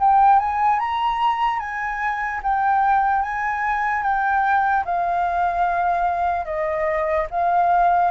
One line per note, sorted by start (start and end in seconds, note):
0.00 0.39 G5
0.39 0.80 G#5
0.80 1.60 A#5
1.60 2.41 G#5
2.43 3.22 G5
3.22 4.03 G#5
4.03 4.84 G5
4.85 6.46 F5
6.46 7.27 D#5
7.30 8.11 F5